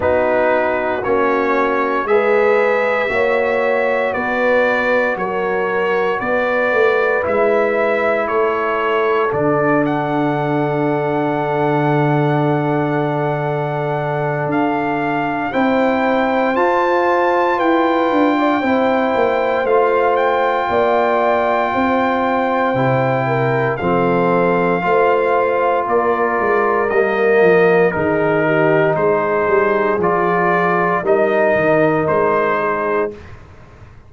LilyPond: <<
  \new Staff \with { instrumentName = "trumpet" } { \time 4/4 \tempo 4 = 58 b'4 cis''4 e''2 | d''4 cis''4 d''4 e''4 | cis''4 d''8 fis''2~ fis''8~ | fis''2 f''4 g''4 |
a''4 g''2 f''8 g''8~ | g''2. f''4~ | f''4 d''4 dis''4 ais'4 | c''4 d''4 dis''4 c''4 | }
  \new Staff \with { instrumentName = "horn" } { \time 4/4 fis'2 b'4 cis''4 | b'4 ais'4 b'2 | a'1~ | a'2. c''4~ |
c''4 b'8. d''16 c''2 | d''4 c''4. ais'8 a'4 | c''4 ais'2 gis'8 g'8 | gis'2 ais'4. gis'8 | }
  \new Staff \with { instrumentName = "trombone" } { \time 4/4 dis'4 cis'4 gis'4 fis'4~ | fis'2. e'4~ | e'4 d'2.~ | d'2. e'4 |
f'2 e'4 f'4~ | f'2 e'4 c'4 | f'2 ais4 dis'4~ | dis'4 f'4 dis'2 | }
  \new Staff \with { instrumentName = "tuba" } { \time 4/4 b4 ais4 gis4 ais4 | b4 fis4 b8 a8 gis4 | a4 d2.~ | d2 d'4 c'4 |
f'4 e'8 d'8 c'8 ais8 a4 | ais4 c'4 c4 f4 | a4 ais8 gis8 g8 f8 dis4 | gis8 g8 f4 g8 dis8 gis4 | }
>>